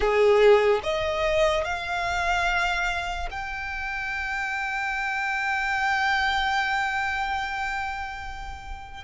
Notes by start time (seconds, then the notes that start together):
0.00 G#4
0.83 D#5
1.64 F5
3.30 G5